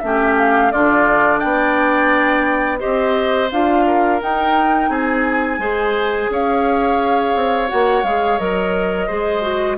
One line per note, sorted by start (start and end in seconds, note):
0.00 0.73 A3
0.00 0.73 C#4
0.00 0.35 E5
0.07 0.73 G4
0.38 0.72 F5
0.72 1.44 D3
0.72 2.79 D4
0.72 1.40 F4
0.72 1.40 D5
1.40 2.83 B3
1.40 2.80 D5
1.40 2.79 G5
2.79 3.52 C4
2.79 3.49 G4
2.79 3.85 C5
2.79 3.50 D#5
3.52 4.22 D4
3.52 4.22 F4
3.52 4.22 F5
3.87 4.90 A#4
4.22 5.60 D#4
4.22 4.89 D#4
4.22 4.93 G5
4.89 5.59 C4
4.89 5.60 G#4
4.89 6.32 G#5
5.59 6.29 G#3
5.59 7.68 G#4
5.59 6.31 C5
6.30 7.35 C#4
6.30 9.07 C#5
6.30 7.70 F5
7.36 7.70 C4
7.68 8.04 A#3
7.68 8.03 F#4
7.68 8.05 F#5
8.04 8.39 G#3
8.04 8.40 G#4
8.04 8.39 F5
8.39 9.10 F#3
8.39 9.09 A#4
8.39 9.79 D#5
9.07 9.79 G#3
9.07 9.42 G#4
9.07 9.77 C5
9.42 9.77 F#4